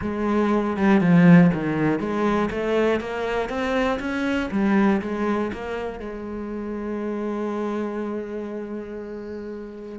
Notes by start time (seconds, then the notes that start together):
0.01 G#3
0.76 G3
1.00 F3
1.53 D#3
1.99 G#3
2.50 A3
3.00 A#3
3.49 C4
3.99 C#4
4.51 G3
5.01 G#3
5.52 A#3
5.99 G#3